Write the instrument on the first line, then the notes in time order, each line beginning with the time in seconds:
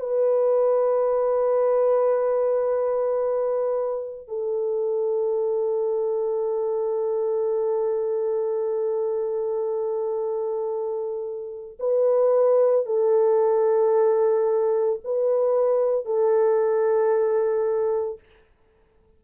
horn
0.00 B4
4.29 A4
11.80 B4
12.86 A4
15.05 B4
16.06 A4